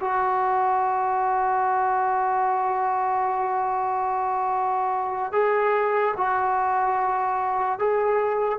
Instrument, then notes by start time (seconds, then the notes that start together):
trombone
0.00 F#4
5.32 G#4
6.17 F#4
7.79 G#4